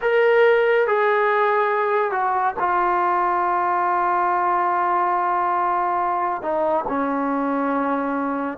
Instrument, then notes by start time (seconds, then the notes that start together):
trombone
0.01 A#4
0.87 G#4
2.11 F#4
2.59 F4
6.42 D#4
6.88 C#4